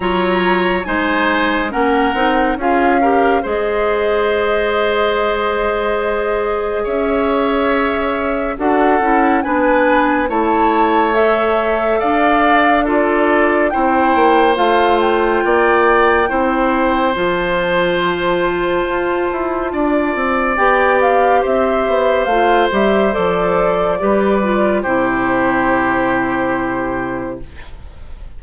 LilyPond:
<<
  \new Staff \with { instrumentName = "flute" } { \time 4/4 \tempo 4 = 70 ais''4 gis''4 fis''4 f''4 | dis''1 | e''2 fis''4 gis''4 | a''4 e''4 f''4 d''4 |
g''4 f''8 g''2~ g''8 | a''1 | g''8 f''8 e''4 f''8 e''8 d''4~ | d''4 c''2. | }
  \new Staff \with { instrumentName = "oboe" } { \time 4/4 cis''4 c''4 ais'4 gis'8 ais'8 | c''1 | cis''2 a'4 b'4 | cis''2 d''4 a'4 |
c''2 d''4 c''4~ | c''2. d''4~ | d''4 c''2. | b'4 g'2. | }
  \new Staff \with { instrumentName = "clarinet" } { \time 4/4 f'4 dis'4 cis'8 dis'8 f'8 g'8 | gis'1~ | gis'2 fis'8 e'8 d'4 | e'4 a'2 f'4 |
e'4 f'2 e'4 | f'1 | g'2 f'8 g'8 a'4 | g'8 f'8 e'2. | }
  \new Staff \with { instrumentName = "bassoon" } { \time 4/4 fis4 gis4 ais8 c'8 cis'4 | gis1 | cis'2 d'8 cis'8 b4 | a2 d'2 |
c'8 ais8 a4 ais4 c'4 | f2 f'8 e'8 d'8 c'8 | b4 c'8 b8 a8 g8 f4 | g4 c2. | }
>>